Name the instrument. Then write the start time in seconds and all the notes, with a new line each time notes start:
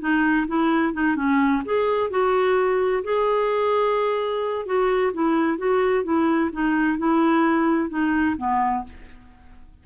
clarinet
0.00 D#4
0.48 E4
0.93 D#4
1.16 C#4
1.65 G#4
2.10 F#4
3.04 G#4
4.66 F#4
5.13 E4
5.58 F#4
6.04 E4
6.52 D#4
6.98 E4
7.89 D#4
8.37 B3